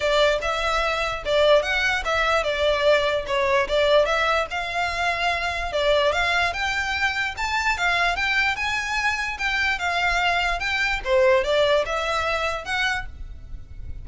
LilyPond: \new Staff \with { instrumentName = "violin" } { \time 4/4 \tempo 4 = 147 d''4 e''2 d''4 | fis''4 e''4 d''2 | cis''4 d''4 e''4 f''4~ | f''2 d''4 f''4 |
g''2 a''4 f''4 | g''4 gis''2 g''4 | f''2 g''4 c''4 | d''4 e''2 fis''4 | }